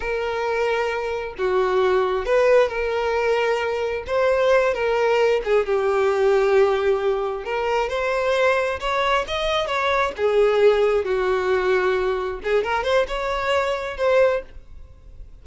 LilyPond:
\new Staff \with { instrumentName = "violin" } { \time 4/4 \tempo 4 = 133 ais'2. fis'4~ | fis'4 b'4 ais'2~ | ais'4 c''4. ais'4. | gis'8 g'2.~ g'8~ |
g'8 ais'4 c''2 cis''8~ | cis''8 dis''4 cis''4 gis'4.~ | gis'8 fis'2. gis'8 | ais'8 c''8 cis''2 c''4 | }